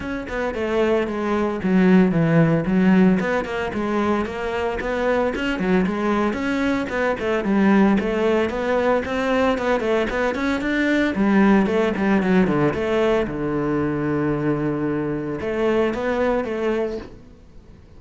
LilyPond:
\new Staff \with { instrumentName = "cello" } { \time 4/4 \tempo 4 = 113 cis'8 b8 a4 gis4 fis4 | e4 fis4 b8 ais8 gis4 | ais4 b4 cis'8 fis8 gis4 | cis'4 b8 a8 g4 a4 |
b4 c'4 b8 a8 b8 cis'8 | d'4 g4 a8 g8 fis8 d8 | a4 d2.~ | d4 a4 b4 a4 | }